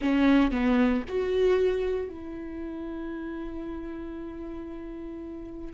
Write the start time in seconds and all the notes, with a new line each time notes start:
0.01 C#4
0.51 B3
1.08 F#4
2.08 E4